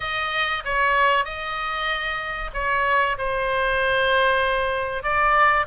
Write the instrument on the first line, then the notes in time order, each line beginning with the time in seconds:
oboe
0.00 D#5
0.64 C#5
1.24 D#5
2.53 C#5
3.18 C5
5.03 D5